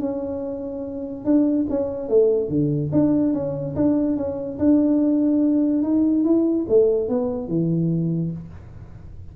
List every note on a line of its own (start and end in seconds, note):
0.00 1.25 C#4
1.25 1.66 D4
1.69 2.09 C#4
2.09 2.49 A3
2.49 2.91 D3
2.92 3.33 D4
3.33 3.75 C#4
3.76 4.17 D4
4.17 4.58 C#4
4.59 5.83 D4
5.83 6.24 D#4
6.24 6.66 E4
6.69 7.09 A3
7.09 7.48 B3
7.48 8.31 E3